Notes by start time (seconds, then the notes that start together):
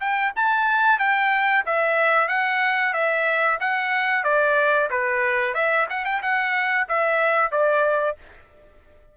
0.00 G5
0.36 A5
0.99 G5
1.66 E5
2.28 F#5
2.93 E5
3.60 F#5
4.24 D5
4.90 B4
5.54 E5
5.90 F#5
6.05 G5
6.22 F#5
6.88 E5
7.51 D5